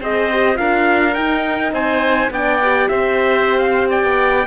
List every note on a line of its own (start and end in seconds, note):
0.00 0.58 C4
0.00 0.30 G#4
0.00 0.58 C5
0.00 0.57 D#5
0.32 0.54 G4
0.54 1.16 D4
0.54 1.12 F4
0.54 1.74 A#4
0.54 1.14 F5
1.14 2.31 D#4
1.14 1.72 D#4
1.14 1.72 G5
1.72 2.29 C4
1.72 2.31 C5
1.72 2.31 G#5
2.30 2.87 B3
2.30 2.61 D4
2.30 2.90 D5
2.30 2.88 G5
2.62 4.46 G4
2.88 4.03 C4
2.88 3.89 C5
2.88 3.58 E5
3.58 3.87 F5
3.89 4.46 D5
3.89 4.46 G5
4.03 4.46 B3